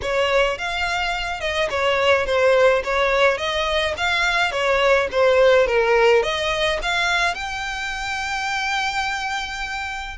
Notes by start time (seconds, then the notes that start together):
0.02 C#5
0.58 F5
1.40 D#5
1.70 C#5
2.25 C5
2.84 C#5
3.37 D#5
3.97 F5
4.51 C#5
5.11 C5
5.67 A#4
6.22 D#5
6.82 F5
7.34 G5